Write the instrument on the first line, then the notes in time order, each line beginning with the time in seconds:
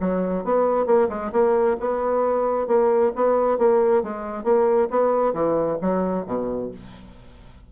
bassoon
0.00 F#3
0.44 B3
0.86 A#3
1.09 G#3
1.32 A#3
1.80 B3
2.67 A#3
3.15 B3
3.58 A#3
4.03 G#3
4.44 A#3
4.90 B3
5.34 E3
5.81 F#3
6.26 B2